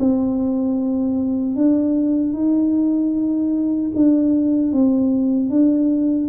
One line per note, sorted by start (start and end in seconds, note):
0.00 1.56 C4
1.56 2.34 D4
2.34 3.92 D#4
3.95 4.73 D4
4.73 5.50 C4
5.50 6.29 D4